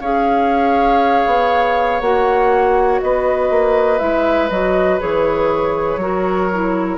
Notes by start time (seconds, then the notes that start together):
0.00 C#4 G#4 C#5 F5
1.26 B3
2.00 A#3 F#4 F#5
3.00 B3 B4 D#5
3.50 A#3
3.99 G#3 E4 E5
4.50 F#3 F#4 D#5
5.00 E3 G#4 C#5
5.96 F#3 F#4 A#4
6.53 E4